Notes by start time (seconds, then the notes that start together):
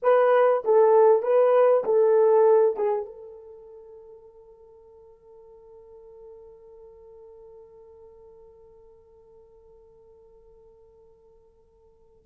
0.02 B4
0.64 A4
1.22 B4
1.84 A4
2.76 G#4
3.05 A4